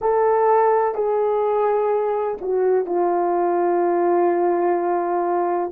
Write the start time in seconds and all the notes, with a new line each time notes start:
0.01 A4
0.94 G#4
2.41 F#4
2.86 F4